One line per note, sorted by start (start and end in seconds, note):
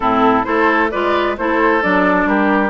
0.00 0.45 A2
0.00 0.44 C4
0.00 0.46 E4
0.00 0.44 A4
0.44 0.92 A3
0.44 0.89 E4
0.44 0.91 A4
0.44 0.89 C5
0.90 1.38 G#3
0.90 1.37 F4
0.90 1.36 B4
0.90 1.36 D5
1.37 1.83 A3
1.37 1.82 E4
1.37 2.28 A4
1.37 1.82 C5
1.82 2.25 F#3
1.82 2.70 D4
1.82 2.27 D5
2.25 2.70 G3
2.25 2.70 G4
2.25 2.70 A#4